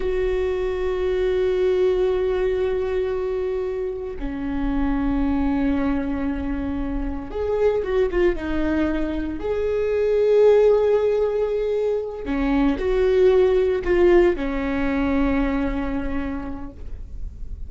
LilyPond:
\new Staff \with { instrumentName = "viola" } { \time 4/4 \tempo 4 = 115 fis'1~ | fis'1 | cis'1~ | cis'2 gis'4 fis'8 f'8 |
dis'2 gis'2~ | gis'2.~ gis'8 cis'8~ | cis'8 fis'2 f'4 cis'8~ | cis'1 | }